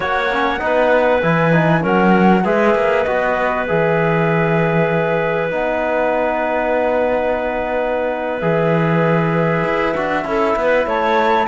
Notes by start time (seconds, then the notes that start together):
0.00 A#3 F#4 C#5 F#5
0.32 C#4
0.59 B3 D#4 B4
1.21 E3 E4 G#5
1.52 D#4
1.81 F#3 C#4 A#4 F#5
2.43 G#3 G#4 B4 E5
2.74 A#3
3.03 B3 F#4 D#5
3.67 E3 G#4 E5
5.49 B3 D#4 F#5
8.39 E3 G#4 E5
9.64 E4
9.96 D4 F#4
10.24 C#4 E4 A4
10.56 B3 B4
10.85 A3 C#5 A5